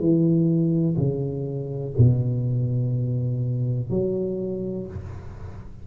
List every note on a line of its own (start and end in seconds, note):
0.00 0.97 E3
0.97 1.94 C#3
1.98 3.90 B2
3.90 4.87 F#3